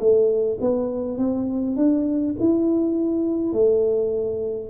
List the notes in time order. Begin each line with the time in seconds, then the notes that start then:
0.00 A3
0.61 B3
1.18 C4
1.77 D4
2.40 E4
3.53 A3